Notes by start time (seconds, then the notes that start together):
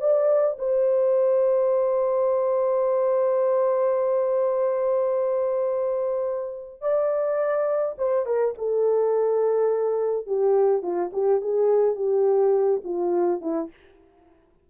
0.00 D5
0.59 C5
6.81 D5
7.98 C5
8.26 A#4
8.58 A4
10.26 G4
10.83 F4
11.13 G4
11.41 G#4
11.96 G4
12.84 F4
13.41 E4